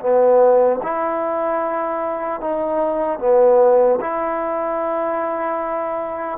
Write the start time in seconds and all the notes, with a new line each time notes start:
0.00 B3
0.83 E4
2.41 D#4
3.19 B3
4.01 E4